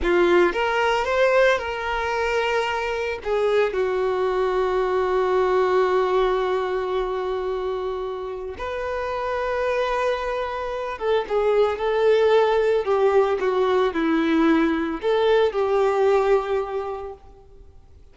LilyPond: \new Staff \with { instrumentName = "violin" } { \time 4/4 \tempo 4 = 112 f'4 ais'4 c''4 ais'4~ | ais'2 gis'4 fis'4~ | fis'1~ | fis'1 |
b'1~ | b'8 a'8 gis'4 a'2 | g'4 fis'4 e'2 | a'4 g'2. | }